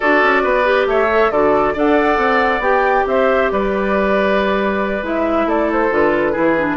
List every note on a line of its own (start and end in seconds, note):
0.00 0.22 D4
0.00 0.63 F#4
0.00 0.42 A4
0.00 0.87 D5
0.22 0.44 C#4
0.43 0.86 B3
0.43 0.87 B4
0.63 1.07 G4
0.86 1.30 A3
0.86 1.31 C#5
0.86 1.31 E5
1.11 1.33 A4
1.30 1.74 D3
1.30 1.75 F#4
1.30 1.73 A4
1.30 1.75 D5
1.73 2.17 D4
1.73 2.62 A4
1.73 3.05 D5
1.73 2.62 F#5
2.17 2.59 C4
2.59 3.02 B3
2.59 5.03 G4
2.59 3.06 G5
3.06 3.50 C4
3.06 3.52 C5
3.06 3.51 E5
3.51 5.02 G3
3.51 5.47 B4
3.51 5.05 D5
5.02 5.45 G#3
5.02 5.90 E4
5.02 5.49 E5
5.45 5.89 A3
5.45 6.32 A4
5.45 5.71 D5
5.72 5.93 C5
5.90 6.34 D3
5.90 6.33 F4
5.90 6.77 B4
6.32 6.77 E3
6.32 6.55 E4
6.32 6.76 G#4
6.58 6.77 D4